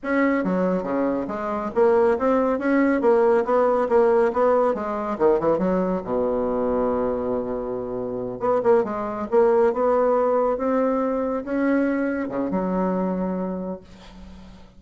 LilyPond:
\new Staff \with { instrumentName = "bassoon" } { \time 4/4 \tempo 4 = 139 cis'4 fis4 cis4 gis4 | ais4 c'4 cis'4 ais4 | b4 ais4 b4 gis4 | dis8 e8 fis4 b,2~ |
b,2.~ b,8 b8 | ais8 gis4 ais4 b4.~ | b8 c'2 cis'4.~ | cis'8 cis8 fis2. | }